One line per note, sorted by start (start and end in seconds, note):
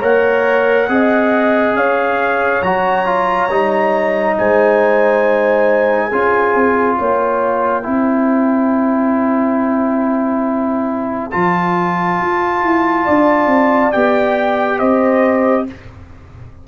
0.00 0.89 A#3
0.00 0.88 A#4
0.00 0.87 C#5
0.00 1.76 F#5
0.89 1.75 C4
0.89 2.63 G#4
0.89 1.78 D#5
1.75 2.62 C#4
1.75 4.38 C#5
1.75 2.63 F5
2.62 3.49 F#3
2.62 3.06 F#4
2.62 4.37 A#5
3.06 3.49 F4
3.50 4.37 G3
3.50 6.12 D#4
4.38 6.12 G#3
4.38 6.08 C5
4.38 6.97 G#5
6.08 6.55 C#4
6.08 7.83 F4
6.08 6.95 G#4
6.55 6.99 C4
6.97 7.87 A#3
6.97 7.86 C#5
6.97 11.31 G5
7.83 11.34 C4
7.83 11.31 E4
7.83 13.05 C5
11.31 12.21 F3
11.31 13.93 F4
11.31 13.92 A5
12.21 12.63 F4
12.63 13.07 E4
13.05 13.47 D4
13.05 14.79 D5
13.47 13.90 C4
13.92 14.81 B3
13.92 15.68 G4
13.92 14.79 G5
14.79 15.68 C4
14.79 15.66 C5
14.79 15.66 D#5